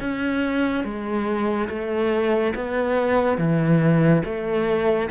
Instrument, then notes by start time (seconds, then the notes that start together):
cello
0.00 C#4
0.84 G#3
1.69 A3
2.55 B3
3.38 E3
4.25 A3